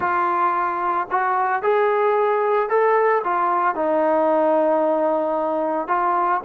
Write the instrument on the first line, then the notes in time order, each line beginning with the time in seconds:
trombone
0.00 F4
1.10 F#4
1.62 G#4
2.69 A4
3.24 F4
3.75 D#4
5.87 F4